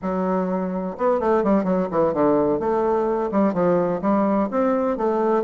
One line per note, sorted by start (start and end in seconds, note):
0.02 0.96 F#3
0.97 1.19 B3
1.19 1.43 A3
1.43 1.64 G3
1.64 1.87 F#3
1.91 2.13 E3
2.13 2.59 D3
2.59 3.30 A3
3.31 3.53 G3
3.53 4.01 F3
4.01 4.49 G3
4.51 4.97 C4
4.97 5.43 A3